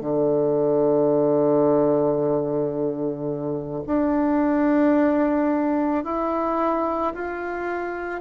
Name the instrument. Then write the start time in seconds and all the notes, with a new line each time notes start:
bassoon
0.00 D3
3.86 D4
6.04 E4
7.14 F4